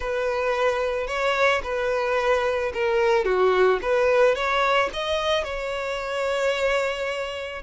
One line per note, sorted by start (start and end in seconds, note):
0.00 1.07 B4
1.07 1.61 C#5
1.63 2.72 B4
2.73 3.25 A#4
3.25 3.79 F#4
3.82 4.35 B4
4.35 4.89 C#5
4.93 5.44 D#5
5.44 7.62 C#5